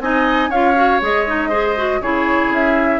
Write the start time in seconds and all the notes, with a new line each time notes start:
0.00 C4 D#4 D#5 G#5
0.49 C#4 F4 C#5 F5
0.75 F#4
1.01 G#3 G#4 D#5
1.27 D#4
1.49 G#4 C5
1.77 F#4
2.01 C#3 E4 G#4 C#5
2.50 C#4 E5